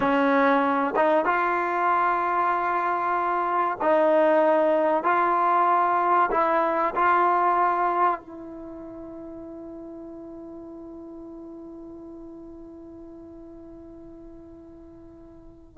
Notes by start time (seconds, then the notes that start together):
0.00 C#4
0.96 D#4
1.25 F4
3.81 D#4
5.03 F4
6.31 E4
6.95 F4
8.20 E4